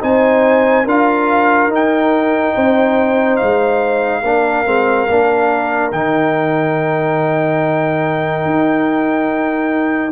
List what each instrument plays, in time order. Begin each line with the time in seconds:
0.00 tuba C4, trombone D#4, horn C5, trumpet G#5
0.85 tuba D4, trombone F4, horn A#4, trumpet F5
1.67 tuba D#4, trombone D#4
1.75 trumpet G5
2.54 tuba C4, horn C5
3.36 tuba G#3, trumpet F5
4.23 tuba A#3, trombone D4, horn A#4
4.65 tuba G#3, trombone C4
5.07 tuba A#3, trombone D4
5.91 tuba D#3, trombone D#4, trumpet G5
8.45 tuba D#4